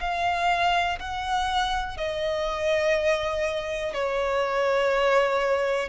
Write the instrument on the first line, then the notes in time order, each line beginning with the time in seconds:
violin
0.00 F5
0.99 F#5
1.97 D#5
3.93 C#5